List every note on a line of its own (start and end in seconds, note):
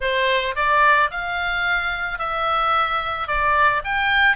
0.00 0.55 C5
0.55 1.10 D5
1.11 2.18 F5
2.18 3.27 E5
3.27 3.82 D5
3.84 4.36 G5